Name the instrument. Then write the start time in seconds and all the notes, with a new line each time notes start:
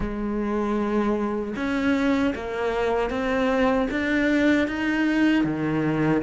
cello
0.00 G#3
1.55 C#4
2.35 A#3
3.10 C4
3.90 D4
4.67 D#4
5.44 D#3